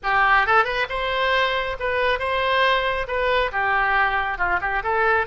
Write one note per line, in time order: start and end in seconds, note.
0.03 0.46 G4
0.46 0.64 A4
0.64 0.86 B4
0.89 1.76 C5
1.79 2.19 B4
2.19 3.06 C5
3.07 3.51 B4
3.52 4.37 G4
4.37 4.59 F4
4.61 4.83 G4
4.83 5.26 A4